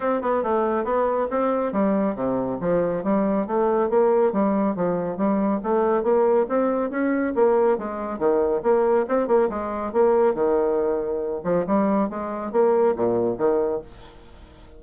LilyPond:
\new Staff \with { instrumentName = "bassoon" } { \time 4/4 \tempo 4 = 139 c'8 b8 a4 b4 c'4 | g4 c4 f4 g4 | a4 ais4 g4 f4 | g4 a4 ais4 c'4 |
cis'4 ais4 gis4 dis4 | ais4 c'8 ais8 gis4 ais4 | dis2~ dis8 f8 g4 | gis4 ais4 ais,4 dis4 | }